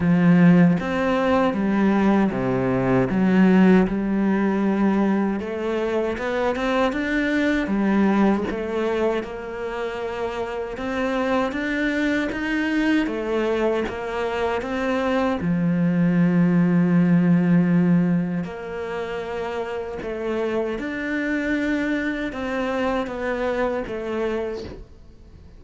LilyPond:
\new Staff \with { instrumentName = "cello" } { \time 4/4 \tempo 4 = 78 f4 c'4 g4 c4 | fis4 g2 a4 | b8 c'8 d'4 g4 a4 | ais2 c'4 d'4 |
dis'4 a4 ais4 c'4 | f1 | ais2 a4 d'4~ | d'4 c'4 b4 a4 | }